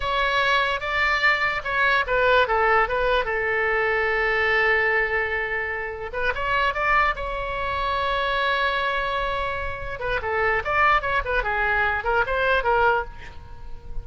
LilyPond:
\new Staff \with { instrumentName = "oboe" } { \time 4/4 \tempo 4 = 147 cis''2 d''2 | cis''4 b'4 a'4 b'4 | a'1~ | a'2. b'8 cis''8~ |
cis''8 d''4 cis''2~ cis''8~ | cis''1~ | cis''8 b'8 a'4 d''4 cis''8 b'8 | gis'4. ais'8 c''4 ais'4 | }